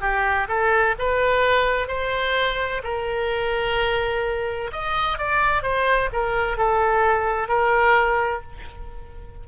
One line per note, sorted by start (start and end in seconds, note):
0.00 0.47 G4
0.48 0.95 A4
0.98 1.87 B4
1.87 2.81 C5
2.83 4.70 A#4
4.72 5.18 D#5
5.18 5.62 D5
5.62 6.09 C5
6.12 6.57 A#4
6.57 7.48 A4
7.48 8.42 A#4